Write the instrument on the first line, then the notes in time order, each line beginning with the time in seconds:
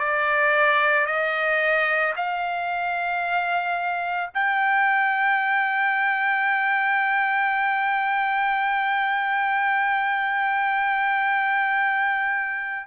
trumpet
0.00 D5
1.07 D#5
2.16 F5
4.34 G5